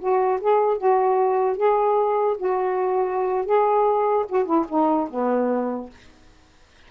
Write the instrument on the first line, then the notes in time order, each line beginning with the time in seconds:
saxophone
0.00 F#4
0.41 G#4
0.77 F#4
1.57 G#4
2.38 F#4
3.45 G#4
4.29 F#4
4.45 E4
4.69 D#4
5.10 B3